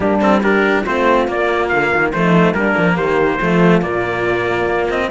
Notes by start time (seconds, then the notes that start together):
0.00 G3 A#3 D4 G4
0.20 C4 A4
0.41 D4 G4 A#4
0.85 A3 C4 F4 C5
1.27 A#3 D5
1.68 D3 F5
1.94 D#3
2.12 F3 A3 D#4 C5
2.53 G3 A#3 D4 A#4
2.77 F3
2.94 D#3 G4 C5
3.39 F3 A3 F4
3.81 A#2 A#3 D5
4.66 A#3
4.90 C4 D#5